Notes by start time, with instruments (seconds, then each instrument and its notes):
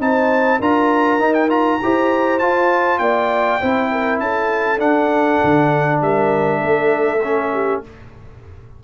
0.00 tuba C4, trombone D#4, horn C5, trumpet A5
0.59 tuba D4, trombone F4, horn A#4, trumpet A#5
1.19 tuba D#4, trombone D#4
1.34 trumpet G5
1.49 trombone F4, trumpet A#5
1.83 tuba E4, trombone G4, horn C5
2.39 trombone F4, tuba F4, trumpet A5
2.99 tuba A#3, horn D5, trumpet G5
3.61 tuba C4, trombone E4, horn C5
3.92 horn A#4
4.19 tuba C#4, horn A4, trumpet A5
4.78 trombone D4, tuba D4, trumpet F#5
5.44 tuba D3
6.02 tuba G3, horn A#4, trumpet E5
6.60 tuba A3, horn A4
7.24 trombone C#4
7.53 horn G4